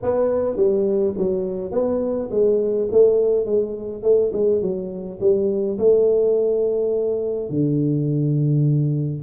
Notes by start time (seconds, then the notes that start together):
0.02 B3
0.56 G3
1.17 F#3
1.71 B3
2.30 G#3
2.91 A3
3.45 G#3
4.02 A3
4.32 G#3
4.61 F#3
5.20 G3
5.78 A3
7.49 D3